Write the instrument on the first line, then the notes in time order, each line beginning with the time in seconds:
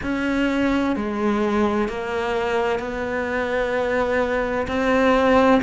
cello
0.03 C#4
0.96 G#3
1.88 A#3
2.79 B3
4.67 C4